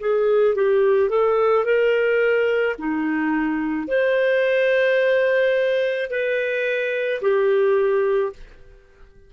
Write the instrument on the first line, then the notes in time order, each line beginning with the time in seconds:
clarinet
0.00 G#4
0.56 G4
1.10 A4
1.65 A#4
2.79 D#4
3.88 C5
6.11 B4
7.22 G4